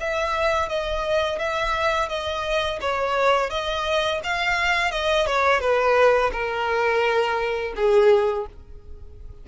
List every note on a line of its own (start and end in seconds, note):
0.00 0.69 E5
0.69 1.39 D#5
1.39 2.09 E5
2.09 2.79 D#5
2.81 3.50 C#5
3.50 4.21 D#5
4.24 4.91 F5
4.91 5.26 D#5
5.26 5.60 C#5
5.60 6.31 B4
6.32 7.73 A#4
7.76 8.46 G#4